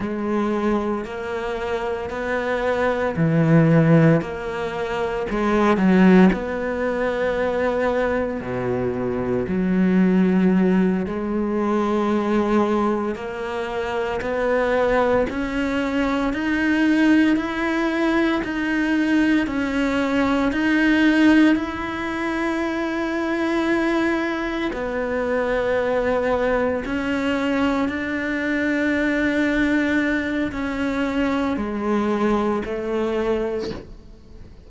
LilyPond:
\new Staff \with { instrumentName = "cello" } { \time 4/4 \tempo 4 = 57 gis4 ais4 b4 e4 | ais4 gis8 fis8 b2 | b,4 fis4. gis4.~ | gis8 ais4 b4 cis'4 dis'8~ |
dis'8 e'4 dis'4 cis'4 dis'8~ | dis'8 e'2. b8~ | b4. cis'4 d'4.~ | d'4 cis'4 gis4 a4 | }